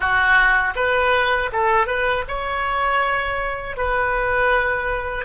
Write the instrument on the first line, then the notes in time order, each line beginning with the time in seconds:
oboe
0.00 F#4
0.75 B4
1.52 A4
1.86 B4
2.27 C#5
3.76 B4